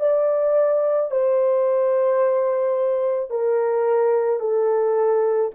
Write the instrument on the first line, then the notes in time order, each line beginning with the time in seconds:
horn
0.00 D5
1.11 C5
3.30 A#4
4.40 A4